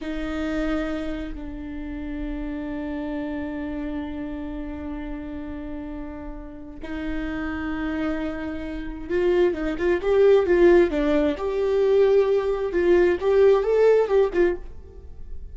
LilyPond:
\new Staff \with { instrumentName = "viola" } { \time 4/4 \tempo 4 = 132 dis'2. d'4~ | d'1~ | d'1~ | d'2. dis'4~ |
dis'1 | f'4 dis'8 f'8 g'4 f'4 | d'4 g'2. | f'4 g'4 a'4 g'8 f'8 | }